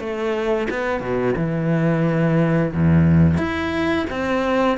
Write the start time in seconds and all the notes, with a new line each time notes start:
0.00 A3
0.70 B3
1.00 B2
1.37 E3
2.73 E2
3.38 E4
4.11 C4